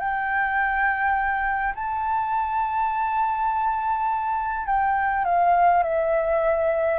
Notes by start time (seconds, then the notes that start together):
0.00 G5
1.75 A5
4.67 G5
5.25 F5
5.83 E5